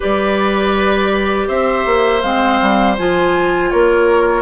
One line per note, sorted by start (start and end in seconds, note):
0.00 1.48 G3
0.00 2.22 G4
0.00 1.47 B4
0.00 1.48 D5
1.47 1.85 C4
1.47 3.69 C5
1.47 2.21 E5
1.85 2.22 A#3
2.21 2.60 G#3
2.21 2.97 C4
2.21 2.95 F5
2.61 2.98 G3
2.97 3.73 F3
2.97 4.42 F4
2.97 3.70 G#5
3.70 4.42 A#3
3.70 4.42 A#4
3.70 4.42 C#5